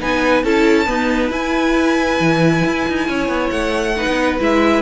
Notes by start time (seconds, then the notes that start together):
0.00 B3 D#4 B4 G#5
0.44 C#4 E4 A4 A5
0.86 B3 D#4 B4
1.30 E4 G#5
2.20 E3
2.65 E4
2.89 D#4
3.07 C#4 C#5
3.28 B3
3.50 A3 F#5
3.96 D#4 B4
4.07 B3
4.39 G#3 E4 E5